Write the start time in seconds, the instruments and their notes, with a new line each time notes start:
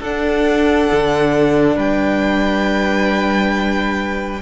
0.00 cello D4, viola D4, violin A4 F#5
0.92 cello D3
1.75 cello G3, violin B4 G5